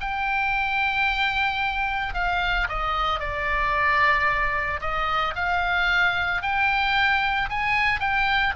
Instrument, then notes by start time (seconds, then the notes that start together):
oboe
0.00 G5
2.14 F5
2.68 D#5
3.19 D5
4.80 D#5
5.35 F5
6.41 G5
7.49 G#5
8.00 G5